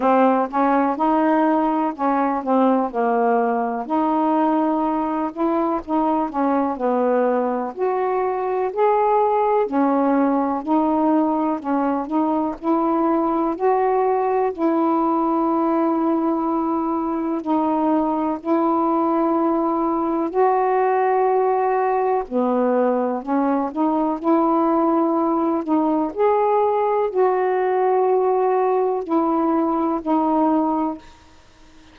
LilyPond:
\new Staff \with { instrumentName = "saxophone" } { \time 4/4 \tempo 4 = 62 c'8 cis'8 dis'4 cis'8 c'8 ais4 | dis'4. e'8 dis'8 cis'8 b4 | fis'4 gis'4 cis'4 dis'4 | cis'8 dis'8 e'4 fis'4 e'4~ |
e'2 dis'4 e'4~ | e'4 fis'2 b4 | cis'8 dis'8 e'4. dis'8 gis'4 | fis'2 e'4 dis'4 | }